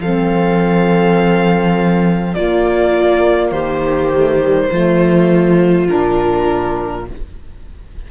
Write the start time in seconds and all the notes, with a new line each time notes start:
0.00 F3 C4 A4 F5
2.34 A#3 F4 D5
3.51 D#3 G4 C5
4.12 A3
4.40 G3
4.70 F3 A3 F4
5.87 A#2 D4 A#4